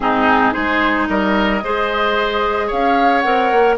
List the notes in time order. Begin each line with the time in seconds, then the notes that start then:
0.00 G#2 C4 D#4 G#4
0.52 G#3 D#4 G#4 C5
1.08 G3 A#4 D#5
1.63 G#3 G#4 C5
2.67 C#4 C#5 F5
3.20 C4 A#4 F#5
3.51 A#3